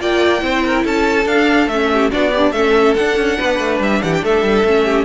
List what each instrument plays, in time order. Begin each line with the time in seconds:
0.00 cello A#3, viola F4, violin D5 G5
0.39 cello C4, viola E4, violin C5
0.65 violin A#4
0.84 cello C#4, violin A4 A5
1.25 cello D4, viola D4, violin F5
1.67 cello A3, viola C#4, violin E5
1.93 violin G4
2.11 cello B3, viola D4, violin F#4 D5
2.31 violin D4, viola G4
2.52 cello A3, viola C#4, violin A4 E5
2.94 viola D4, cello D4, violin F#5
3.16 cello C#4
3.38 cello B3, violin B4
3.59 cello A3
3.80 cello G3, violin E5
4.02 cello E3, violin G4 F#5
4.13 violin G5
4.22 cello A3, violin A4 E5
4.41 cello G3
4.64 cello A3, viola C#4
4.85 violin G4